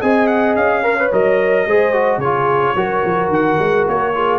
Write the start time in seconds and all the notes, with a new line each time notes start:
0.00 C4 G#4 D#5 G#5
0.27 F#5
0.55 C#4 F5
0.83 A#4 C#5
0.99 B4
1.12 F#3 A#4 D#5
1.66 G#3 G#4 C5
1.93 F#4
2.17 C#3 G#4 C#5
2.23 F4
2.75 F#3 F#4 A#4
3.04 F3
3.28 D#3 F#5
3.58 G#3
3.87 A#3 C#5
4.14 F4 G#4